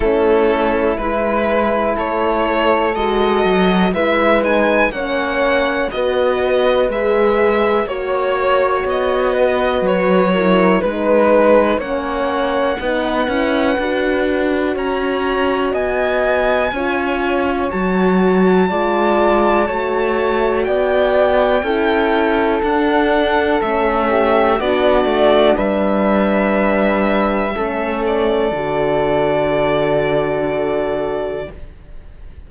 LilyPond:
<<
  \new Staff \with { instrumentName = "violin" } { \time 4/4 \tempo 4 = 61 a'4 b'4 cis''4 dis''4 | e''8 gis''8 fis''4 dis''4 e''4 | cis''4 dis''4 cis''4 b'4 | fis''2. ais''4 |
gis''2 a''2~ | a''4 g''2 fis''4 | e''4 d''4 e''2~ | e''8 d''2.~ d''8 | }
  \new Staff \with { instrumentName = "flute" } { \time 4/4 e'2 a'2 | b'4 cis''4 b'2 | cis''4. b'4 ais'8 b'4 | cis''4 b'2 cis''4 |
dis''4 cis''2 d''4 | cis''4 d''4 a'2~ | a'8 g'8 fis'4 b'2 | a'1 | }
  \new Staff \with { instrumentName = "horn" } { \time 4/4 cis'4 e'2 fis'4 | e'8 dis'8 cis'4 fis'4 gis'4 | fis'2~ fis'8 e'8 dis'4 | cis'4 dis'8 e'8 fis'2~ |
fis'4 f'4 fis'4 f'4 | fis'2 e'4 d'4 | cis'4 d'2. | cis'4 fis'2. | }
  \new Staff \with { instrumentName = "cello" } { \time 4/4 a4 gis4 a4 gis8 fis8 | gis4 ais4 b4 gis4 | ais4 b4 fis4 gis4 | ais4 b8 cis'8 d'4 cis'4 |
b4 cis'4 fis4 gis4 | a4 b4 cis'4 d'4 | a4 b8 a8 g2 | a4 d2. | }
>>